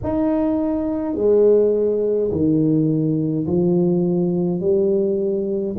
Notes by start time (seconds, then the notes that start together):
0.03 D#4
1.15 G#3
2.31 D#3
3.46 F3
4.60 G3